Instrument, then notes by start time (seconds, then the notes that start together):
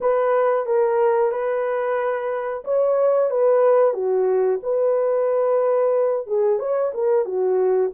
horn
0.01 B4
0.66 A#4
1.31 B4
2.64 C#5
3.30 B4
3.93 F#4
4.62 B4
6.26 G#4
6.59 C#5
6.94 A#4
7.25 F#4